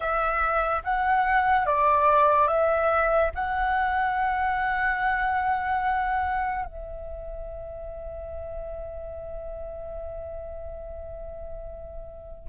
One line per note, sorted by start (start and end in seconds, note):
0.00 0.82 E5
0.84 1.66 F#5
1.66 2.47 D5
2.47 3.31 E5
3.34 6.65 F#5
6.65 12.48 E5